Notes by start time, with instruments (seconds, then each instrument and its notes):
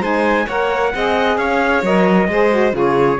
0.00 cello G#3, saxophone D#4, violin C5, trumpet G#5
0.46 cello A#3, saxophone A#4, violin C#5, trumpet F#5
0.94 cello C4, saxophone G#4, violin D#5
1.37 cello C#4, violin C#5, trumpet F5
1.82 cello F#3, saxophone A#4, trumpet D#5
2.27 cello G#3, saxophone G#4, violin C5
2.50 saxophone F#4
2.71 cello C#3, saxophone F4, violin G#4
2.77 trumpet C#5